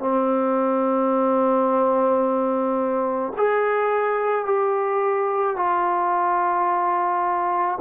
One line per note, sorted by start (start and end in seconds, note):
0.00 3.33 C4
3.37 4.45 G#4
4.45 5.57 G4
5.57 7.79 F4